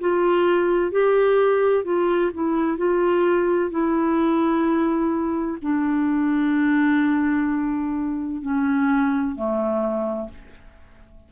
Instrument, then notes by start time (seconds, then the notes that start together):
clarinet
0.00 F4
0.91 G4
1.84 F4
2.33 E4
2.77 F4
3.70 E4
5.61 D4
8.42 C#4
9.35 A3